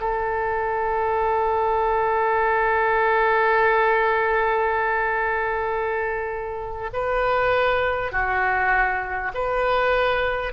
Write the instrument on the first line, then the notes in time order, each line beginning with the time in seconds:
oboe
0.00 A4
6.93 B4
8.12 F#4
9.34 B4